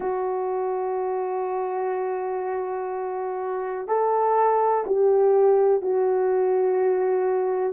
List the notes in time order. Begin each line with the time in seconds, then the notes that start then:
0.00 F#4
3.87 A4
4.86 G4
5.81 F#4